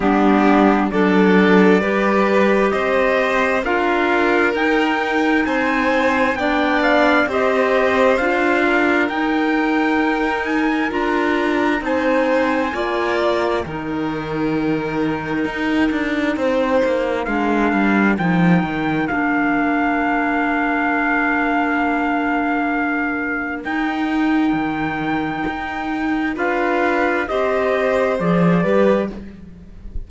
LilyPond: <<
  \new Staff \with { instrumentName = "trumpet" } { \time 4/4 \tempo 4 = 66 g'4 d''2 dis''4 | f''4 g''4 gis''4 g''8 f''8 | dis''4 f''4 g''4. gis''8 | ais''4 gis''4. g''4.~ |
g''2. f''4 | g''4 f''2.~ | f''2 g''2~ | g''4 f''4 dis''4 d''4 | }
  \new Staff \with { instrumentName = "violin" } { \time 4/4 d'4 a'4 b'4 c''4 | ais'2 c''4 d''4 | c''4. ais'2~ ais'8~ | ais'4 c''4 d''4 ais'4~ |
ais'2 c''4 ais'4~ | ais'1~ | ais'1~ | ais'4 b'4 c''4. b'8 | }
  \new Staff \with { instrumentName = "clarinet" } { \time 4/4 b4 d'4 g'2 | f'4 dis'2 d'4 | g'4 f'4 dis'2 | f'4 dis'4 f'4 dis'4~ |
dis'2. d'4 | dis'4 d'2.~ | d'2 dis'2~ | dis'4 f'4 g'4 gis'8 g'8 | }
  \new Staff \with { instrumentName = "cello" } { \time 4/4 g4 fis4 g4 c'4 | d'4 dis'4 c'4 b4 | c'4 d'4 dis'2 | d'4 c'4 ais4 dis4~ |
dis4 dis'8 d'8 c'8 ais8 gis8 g8 | f8 dis8 ais2.~ | ais2 dis'4 dis4 | dis'4 d'4 c'4 f8 g8 | }
>>